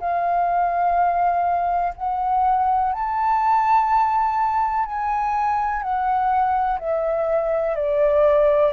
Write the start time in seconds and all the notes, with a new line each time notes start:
0.00 F5
1.96 F#5
2.93 A5
4.86 G#5
5.82 F#5
6.80 E5
7.76 D5